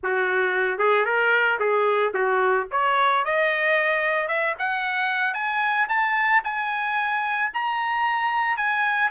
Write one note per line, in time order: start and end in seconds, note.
0.03 0.78 F#4
0.78 1.05 G#4
1.05 1.58 A#4
1.59 2.13 G#4
2.14 2.67 F#4
2.71 3.24 C#5
3.24 4.27 D#5
4.27 4.54 E5
4.59 5.34 F#5
5.34 5.87 G#5
5.89 6.42 A5
6.44 7.51 G#5
7.53 8.57 A#5
8.57 9.10 G#5